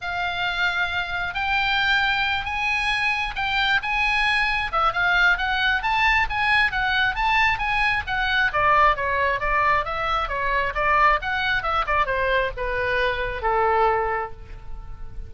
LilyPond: \new Staff \with { instrumentName = "oboe" } { \time 4/4 \tempo 4 = 134 f''2. g''4~ | g''4. gis''2 g''8~ | g''8 gis''2 e''8 f''4 | fis''4 a''4 gis''4 fis''4 |
a''4 gis''4 fis''4 d''4 | cis''4 d''4 e''4 cis''4 | d''4 fis''4 e''8 d''8 c''4 | b'2 a'2 | }